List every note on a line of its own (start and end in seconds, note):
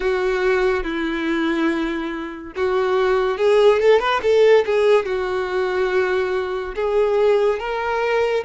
0.00 0.83 F#4
0.83 2.52 E4
2.55 3.37 F#4
3.37 3.80 G#4
3.80 3.99 A4
3.99 4.20 B4
4.22 4.64 A4
4.65 5.05 G#4
5.05 6.74 F#4
6.75 7.59 G#4
7.59 8.44 A#4